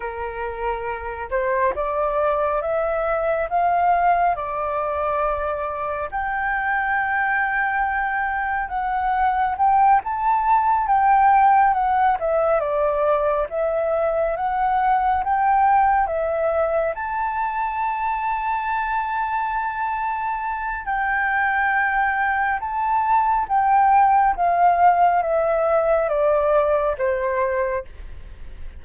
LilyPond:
\new Staff \with { instrumentName = "flute" } { \time 4/4 \tempo 4 = 69 ais'4. c''8 d''4 e''4 | f''4 d''2 g''4~ | g''2 fis''4 g''8 a''8~ | a''8 g''4 fis''8 e''8 d''4 e''8~ |
e''8 fis''4 g''4 e''4 a''8~ | a''1 | g''2 a''4 g''4 | f''4 e''4 d''4 c''4 | }